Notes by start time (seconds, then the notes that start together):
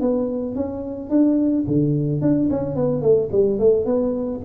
0.00 B3
0.55 C#4
1.10 D4
1.67 D3
2.21 D4
2.50 C#4
2.75 B3
3.01 A3
3.32 G3
3.59 A3
3.85 B3